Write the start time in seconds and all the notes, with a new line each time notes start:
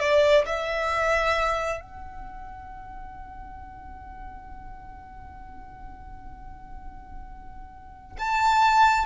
0.00 D5
0.46 E5
1.81 F#5
8.19 A5